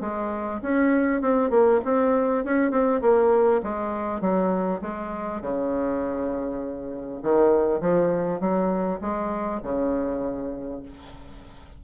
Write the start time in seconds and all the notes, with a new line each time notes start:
0.00 G#3
0.62 C#4
1.21 C4
1.50 A#3
1.84 C4
2.44 C#4
2.71 C4
3.01 A#3
3.63 G#3
4.21 F#3
4.81 G#3
5.41 C#3
7.22 D#3
7.80 F3
8.40 F#3
9.01 G#3
9.62 C#3